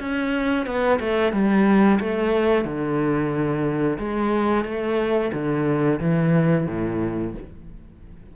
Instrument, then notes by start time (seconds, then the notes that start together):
cello
0.00 C#4
0.66 B3
1.00 A3
1.33 G3
2.00 A3
2.65 D3
3.99 G#3
4.65 A3
5.33 D3
6.01 E3
6.68 A2